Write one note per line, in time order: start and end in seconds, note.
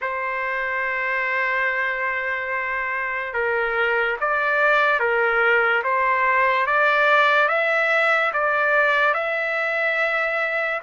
0.01 3.33 C5
3.33 4.17 A#4
4.20 4.99 D5
4.99 5.83 A#4
5.83 6.66 C5
6.66 7.48 D5
7.48 8.31 E5
8.33 9.14 D5
9.14 10.80 E5